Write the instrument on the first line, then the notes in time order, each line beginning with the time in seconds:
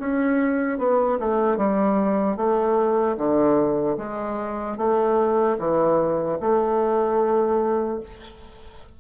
bassoon
0.00 C#4
0.79 B3
1.20 A3
1.57 G3
2.37 A3
3.17 D3
3.98 G#3
4.78 A3
5.59 E3
6.40 A3